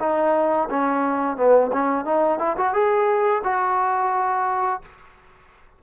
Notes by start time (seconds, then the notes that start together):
0.00 D#4
0.70 C#4
1.37 B3
1.73 C#4
2.05 D#4
2.39 E4
2.57 F#4
2.74 G#4
3.44 F#4